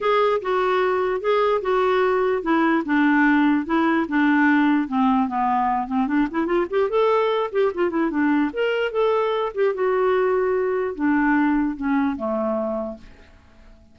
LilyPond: \new Staff \with { instrumentName = "clarinet" } { \time 4/4 \tempo 4 = 148 gis'4 fis'2 gis'4 | fis'2 e'4 d'4~ | d'4 e'4 d'2 | c'4 b4. c'8 d'8 e'8 |
f'8 g'8 a'4. g'8 f'8 e'8 | d'4 ais'4 a'4. g'8 | fis'2. d'4~ | d'4 cis'4 a2 | }